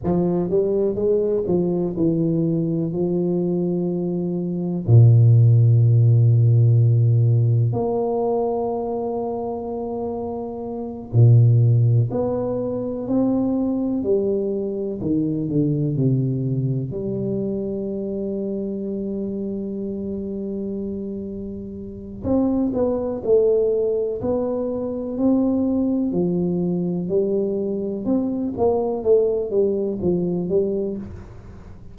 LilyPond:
\new Staff \with { instrumentName = "tuba" } { \time 4/4 \tempo 4 = 62 f8 g8 gis8 f8 e4 f4~ | f4 ais,2. | ais2.~ ais8 ais,8~ | ais,8 b4 c'4 g4 dis8 |
d8 c4 g2~ g8~ | g2. c'8 b8 | a4 b4 c'4 f4 | g4 c'8 ais8 a8 g8 f8 g8 | }